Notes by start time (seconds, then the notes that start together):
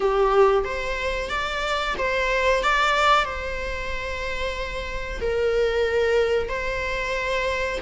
0.00 G4
0.64 C5
1.29 D5
1.97 C5
2.63 D5
3.24 C5
5.20 A#4
6.48 C5